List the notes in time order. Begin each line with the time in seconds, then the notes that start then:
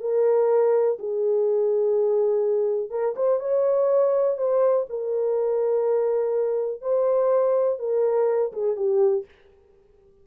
0.00 A#4
0.99 G#4
2.90 A#4
3.16 C5
3.40 C#5
4.37 C5
4.90 A#4
6.82 C5
7.79 A#4
8.53 G#4
8.76 G4